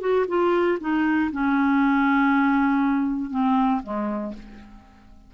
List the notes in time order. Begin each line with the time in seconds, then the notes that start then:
0.00 F#4
0.28 F4
0.80 D#4
1.32 C#4
3.30 C4
3.83 G#3